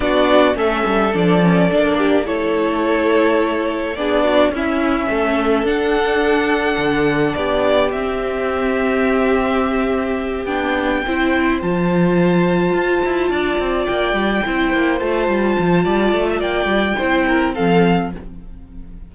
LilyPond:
<<
  \new Staff \with { instrumentName = "violin" } { \time 4/4 \tempo 4 = 106 d''4 e''4 d''2 | cis''2. d''4 | e''2 fis''2~ | fis''4 d''4 e''2~ |
e''2~ e''8 g''4.~ | g''8 a''2.~ a''8~ | a''8 g''2 a''4.~ | a''4 g''2 f''4 | }
  \new Staff \with { instrumentName = "violin" } { \time 4/4 fis'4 a'2~ a'8 g'8 | a'2. gis'8 fis'8 | e'4 a'2.~ | a'4 g'2.~ |
g'2.~ g'8 c''8~ | c''2.~ c''8 d''8~ | d''4. c''2~ c''8 | d''8. e''16 d''4 c''8 ais'8 a'4 | }
  \new Staff \with { instrumentName = "viola" } { \time 4/4 d'4 cis'4 d'8 cis'8 d'4 | e'2. d'4 | cis'2 d'2~ | d'2 c'2~ |
c'2~ c'8 d'4 e'8~ | e'8 f'2.~ f'8~ | f'4. e'4 f'4.~ | f'2 e'4 c'4 | }
  \new Staff \with { instrumentName = "cello" } { \time 4/4 b4 a8 g8 f4 ais4 | a2. b4 | cis'4 a4 d'2 | d4 b4 c'2~ |
c'2~ c'8 b4 c'8~ | c'8 f2 f'8 e'8 d'8 | c'8 ais8 g8 c'8 ais8 a8 g8 f8 | g8 a8 ais8 g8 c'4 f4 | }
>>